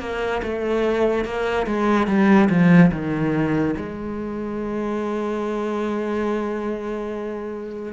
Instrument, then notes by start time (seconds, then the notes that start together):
cello
0.00 A#3
0.42 A3
1.25 A#3
1.66 G#3
2.07 G3
2.50 F3
2.92 D#3
3.76 G#3